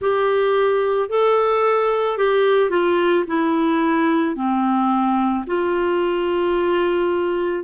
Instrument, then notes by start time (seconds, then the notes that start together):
clarinet
0.01 G4
1.09 A4
2.17 G4
2.70 F4
3.27 E4
4.35 C4
5.46 F4